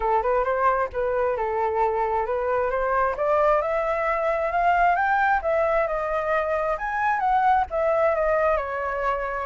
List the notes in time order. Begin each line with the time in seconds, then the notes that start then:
0.00 A4
0.22 B4
0.43 C5
0.92 B4
1.37 A4
2.26 B4
2.70 C5
3.16 D5
3.61 E5
4.51 F5
4.95 G5
5.42 E5
5.87 D#5
6.78 G#5
7.19 F#5
7.70 E5
8.15 D#5
8.57 C#5